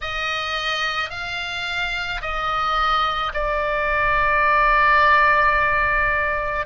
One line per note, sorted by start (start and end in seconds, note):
0.01 1.10 D#5
1.10 2.21 F5
2.21 3.32 D#5
3.33 6.66 D5